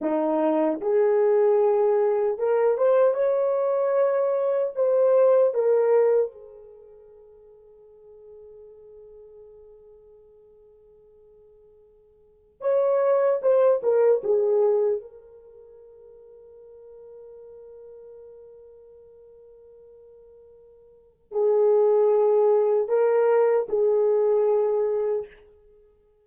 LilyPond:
\new Staff \with { instrumentName = "horn" } { \time 4/4 \tempo 4 = 76 dis'4 gis'2 ais'8 c''8 | cis''2 c''4 ais'4 | gis'1~ | gis'1 |
cis''4 c''8 ais'8 gis'4 ais'4~ | ais'1~ | ais'2. gis'4~ | gis'4 ais'4 gis'2 | }